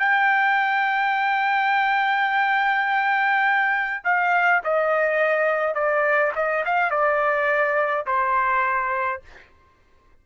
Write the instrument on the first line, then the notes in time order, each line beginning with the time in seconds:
trumpet
0.00 G5
4.05 F5
4.64 D#5
5.75 D5
6.36 D#5
6.66 F5
6.91 D5
8.07 C5